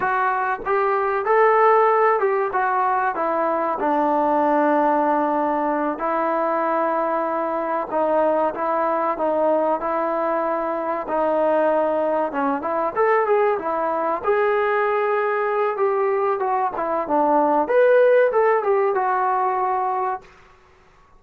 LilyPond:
\new Staff \with { instrumentName = "trombone" } { \time 4/4 \tempo 4 = 95 fis'4 g'4 a'4. g'8 | fis'4 e'4 d'2~ | d'4. e'2~ e'8~ | e'8 dis'4 e'4 dis'4 e'8~ |
e'4. dis'2 cis'8 | e'8 a'8 gis'8 e'4 gis'4.~ | gis'4 g'4 fis'8 e'8 d'4 | b'4 a'8 g'8 fis'2 | }